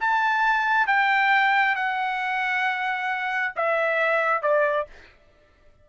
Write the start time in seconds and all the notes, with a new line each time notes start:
0.00 A5
0.87 G5
1.75 F#5
3.56 E5
4.42 D5